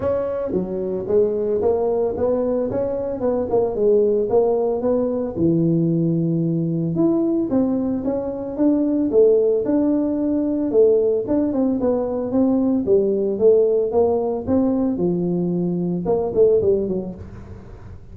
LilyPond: \new Staff \with { instrumentName = "tuba" } { \time 4/4 \tempo 4 = 112 cis'4 fis4 gis4 ais4 | b4 cis'4 b8 ais8 gis4 | ais4 b4 e2~ | e4 e'4 c'4 cis'4 |
d'4 a4 d'2 | a4 d'8 c'8 b4 c'4 | g4 a4 ais4 c'4 | f2 ais8 a8 g8 fis8 | }